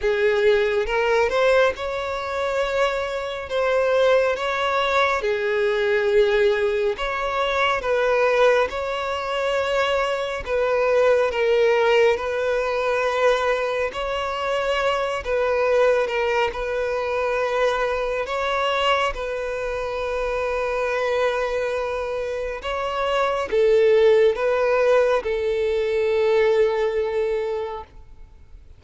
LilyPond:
\new Staff \with { instrumentName = "violin" } { \time 4/4 \tempo 4 = 69 gis'4 ais'8 c''8 cis''2 | c''4 cis''4 gis'2 | cis''4 b'4 cis''2 | b'4 ais'4 b'2 |
cis''4. b'4 ais'8 b'4~ | b'4 cis''4 b'2~ | b'2 cis''4 a'4 | b'4 a'2. | }